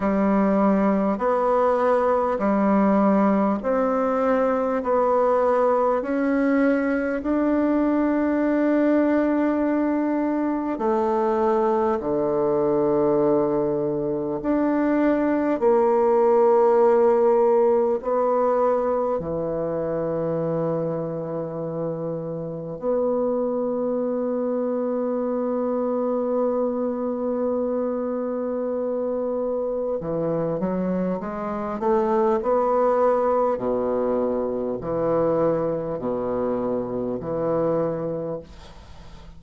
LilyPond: \new Staff \with { instrumentName = "bassoon" } { \time 4/4 \tempo 4 = 50 g4 b4 g4 c'4 | b4 cis'4 d'2~ | d'4 a4 d2 | d'4 ais2 b4 |
e2. b4~ | b1~ | b4 e8 fis8 gis8 a8 b4 | b,4 e4 b,4 e4 | }